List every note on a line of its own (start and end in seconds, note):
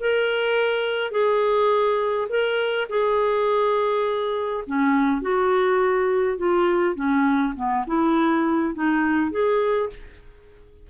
0.00 1.11 A#4
1.11 2.28 G#4
2.30 2.88 A#4
2.89 4.64 G#4
4.67 5.22 C#4
5.22 6.38 F#4
6.38 6.96 F4
6.96 7.54 C#4
7.56 7.85 B3
7.87 8.75 E4
8.75 9.32 D#4
9.32 9.90 G#4